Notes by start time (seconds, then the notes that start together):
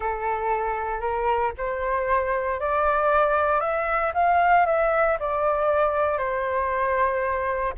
0.00 A4
1.00 A#4
1.57 C5
2.60 D5
3.60 E5
4.14 F5
4.66 E5
5.19 D5
6.18 C5